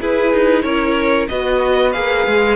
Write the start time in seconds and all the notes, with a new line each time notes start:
0.00 E4 G#4 B4
0.33 D#4
0.62 C#4 A#4 C#5
1.29 B3 F#4 B4 D#5
1.92 A#3 G#4 F5
2.27 G#3